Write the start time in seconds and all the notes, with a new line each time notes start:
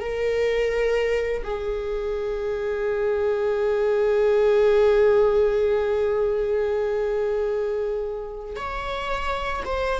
0.00 A#4
1.43 G#4
8.56 C#5
9.65 C5